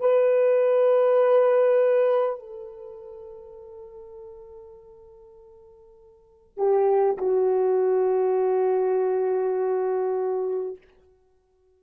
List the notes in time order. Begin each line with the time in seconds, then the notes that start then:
0.00 B4
2.39 A4
6.57 G4
7.17 F#4